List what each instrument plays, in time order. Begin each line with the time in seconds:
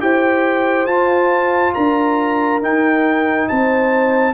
0.00 tuba E4, trombone G4, horn C5, trumpet G5
0.86 tuba F4, trombone F4, trumpet A5
1.74 tuba D4, horn A#4, trumpet A#5
2.61 trombone D#4, tuba D#4, trumpet G5
3.48 tuba C4, horn C5, trumpet A5